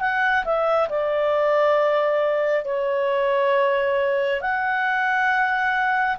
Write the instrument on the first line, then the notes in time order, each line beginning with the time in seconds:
clarinet
0.00 F#5
0.44 E5
0.89 D5
2.64 C#5
4.41 F#5